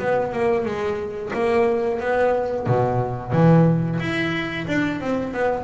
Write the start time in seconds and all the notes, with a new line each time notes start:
0.00 B3
0.33 A#3
0.66 G#3
1.34 A#3
2.01 B3
2.67 B2
3.33 E3
4.01 E4
4.68 D4
5.01 C4
5.34 B3